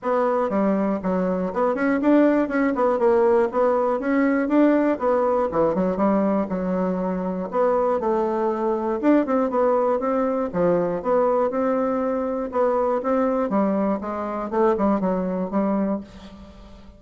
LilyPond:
\new Staff \with { instrumentName = "bassoon" } { \time 4/4 \tempo 4 = 120 b4 g4 fis4 b8 cis'8 | d'4 cis'8 b8 ais4 b4 | cis'4 d'4 b4 e8 fis8 | g4 fis2 b4 |
a2 d'8 c'8 b4 | c'4 f4 b4 c'4~ | c'4 b4 c'4 g4 | gis4 a8 g8 fis4 g4 | }